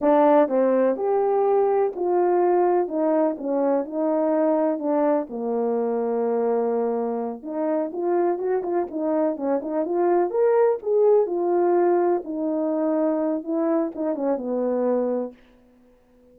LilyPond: \new Staff \with { instrumentName = "horn" } { \time 4/4 \tempo 4 = 125 d'4 c'4 g'2 | f'2 dis'4 cis'4 | dis'2 d'4 ais4~ | ais2.~ ais8 dis'8~ |
dis'8 f'4 fis'8 f'8 dis'4 cis'8 | dis'8 f'4 ais'4 gis'4 f'8~ | f'4. dis'2~ dis'8 | e'4 dis'8 cis'8 b2 | }